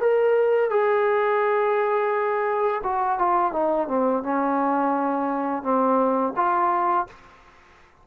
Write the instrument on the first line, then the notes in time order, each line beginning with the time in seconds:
trombone
0.00 A#4
0.70 G#4
2.83 F#4
3.18 F4
3.52 D#4
3.88 C4
4.23 C#4
5.62 C4
6.36 F4